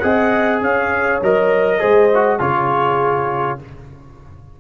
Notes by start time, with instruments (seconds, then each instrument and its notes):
0.00 tuba C4, trombone G#4, horn D#5, trumpet F#5
0.61 tuba C#4, horn C#5, trumpet F5
1.22 tuba F#3, trombone A#4, trumpet D#5
1.80 tuba G#3, trombone G#4, horn C5
2.15 trombone F#4
2.40 tuba C#3, trombone F4, horn G#4, trumpet C#5